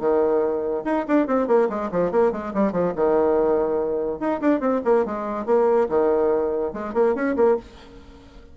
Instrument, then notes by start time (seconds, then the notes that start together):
bassoon
0.00 D#3
0.85 D#4
1.08 D4
1.27 C4
1.48 A#3
1.70 G#3
1.92 F3
2.12 A#3
2.32 G#3
2.54 G3
2.72 F3
2.96 D#3
4.20 D#4
4.42 D4
4.61 C4
4.85 A#3
5.06 G#3
5.46 A#3
5.90 D#3
6.74 G#3
6.94 A#3
7.15 C#4
7.37 A#3